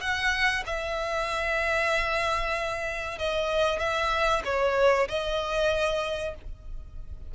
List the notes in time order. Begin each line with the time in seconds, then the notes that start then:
0.00 F#5
0.65 E5
3.18 D#5
3.79 E5
4.44 C#5
5.08 D#5